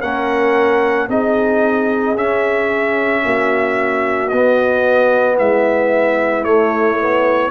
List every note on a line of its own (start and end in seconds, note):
0.00 1.08 A#3
0.00 1.09 C#4
0.00 1.07 A#4
0.00 1.08 F#5
1.08 2.14 C4
1.08 2.16 D#4
1.08 3.23 G#4
1.08 2.17 D#5
2.14 3.21 C#4
2.14 4.31 C#4
2.14 4.29 E5
3.24 4.31 A#3
3.24 5.37 F#4
4.29 5.39 B3
4.29 6.45 B3
4.29 5.36 D#5
5.37 6.43 G#3
5.37 7.51 E4
5.37 6.44 E5
6.43 7.50 A3
6.43 6.99 A3
6.43 7.51 C#5
6.99 7.51 B3